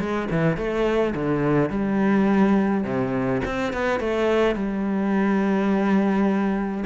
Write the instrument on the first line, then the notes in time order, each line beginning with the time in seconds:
cello
0.00 G#3
0.31 E3
0.57 A3
1.15 D3
1.70 G3
2.85 C3
3.45 C4
3.73 B3
4.00 A3
4.56 G3